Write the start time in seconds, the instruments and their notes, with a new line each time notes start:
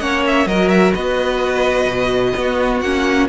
0.00 cello A#3, viola C#4, violin C#5 F#5
0.27 violin E5
0.46 cello F#3, viola F#4, violin A#4 D#5
0.69 violin E5
0.95 cello B3, violin B4 D#5
1.86 cello B2
2.37 viola B3, cello B3, violin F#4
2.81 cello A#3, viola C#4, violin F#5